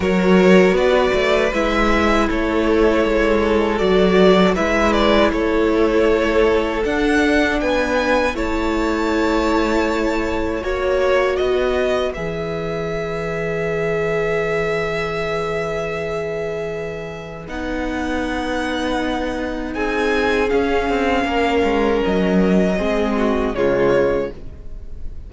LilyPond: <<
  \new Staff \with { instrumentName = "violin" } { \time 4/4 \tempo 4 = 79 cis''4 d''4 e''4 cis''4~ | cis''4 d''4 e''8 d''8 cis''4~ | cis''4 fis''4 gis''4 a''4~ | a''2 cis''4 dis''4 |
e''1~ | e''2. fis''4~ | fis''2 gis''4 f''4~ | f''4 dis''2 cis''4 | }
  \new Staff \with { instrumentName = "violin" } { \time 4/4 ais'4 b'2 a'4~ | a'2 b'4 a'4~ | a'2 b'4 cis''4~ | cis''2. b'4~ |
b'1~ | b'1~ | b'2 gis'2 | ais'2 gis'8 fis'8 f'4 | }
  \new Staff \with { instrumentName = "viola" } { \time 4/4 fis'2 e'2~ | e'4 fis'4 e'2~ | e'4 d'2 e'4~ | e'2 fis'2 |
gis'1~ | gis'2. dis'4~ | dis'2. cis'4~ | cis'2 c'4 gis4 | }
  \new Staff \with { instrumentName = "cello" } { \time 4/4 fis4 b8 a8 gis4 a4 | gis4 fis4 gis4 a4~ | a4 d'4 b4 a4~ | a2 ais4 b4 |
e1~ | e2. b4~ | b2 c'4 cis'8 c'8 | ais8 gis8 fis4 gis4 cis4 | }
>>